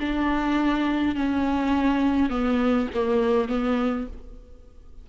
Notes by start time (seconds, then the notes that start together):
0.00 D4
1.15 C#4
2.30 B3
2.94 A#3
3.49 B3